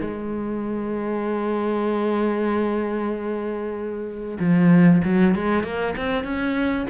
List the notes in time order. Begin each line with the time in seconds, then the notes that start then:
0.00 G#3
4.39 F3
5.04 F#3
5.34 G#3
5.63 A#3
5.96 C4
6.24 C#4